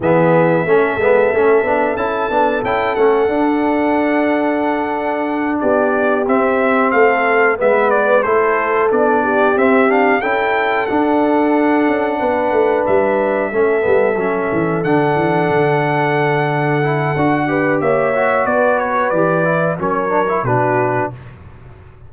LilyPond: <<
  \new Staff \with { instrumentName = "trumpet" } { \time 4/4 \tempo 4 = 91 e''2. a''4 | g''8 fis''2.~ fis''8~ | fis''8 d''4 e''4 f''4 e''8 | d''8 c''4 d''4 e''8 f''8 g''8~ |
g''8 fis''2. e''8~ | e''2~ e''8 fis''4.~ | fis''2. e''4 | d''8 cis''8 d''4 cis''4 b'4 | }
  \new Staff \with { instrumentName = "horn" } { \time 4/4 gis'4 a'2.~ | a'1~ | a'8 g'2 a'4 b'8~ | b'8 a'4. g'4. a'8~ |
a'2~ a'8 b'4.~ | b'8 a'2.~ a'8~ | a'2~ a'8 b'8 cis''4 | b'2 ais'4 fis'4 | }
  \new Staff \with { instrumentName = "trombone" } { \time 4/4 b4 cis'8 b8 cis'8 d'8 e'8 d'8 | e'8 cis'8 d'2.~ | d'4. c'2 b8~ | b8 e'4 d'4 c'8 d'8 e'8~ |
e'8 d'2.~ d'8~ | d'8 cis'8 b8 cis'4 d'4.~ | d'4. e'8 fis'8 g'4 fis'8~ | fis'4 g'8 e'8 cis'8 d'16 e'16 d'4 | }
  \new Staff \with { instrumentName = "tuba" } { \time 4/4 e4 a8 gis8 a8 b8 cis'8 b8 | cis'8 a8 d'2.~ | d'8 b4 c'4 a4 gis8~ | gis8 a4 b4 c'4 cis'8~ |
cis'8 d'4. cis'8 b8 a8 g8~ | g8 a8 g8 fis8 e8 d8 e8 d8~ | d2 d'4 ais4 | b4 e4 fis4 b,4 | }
>>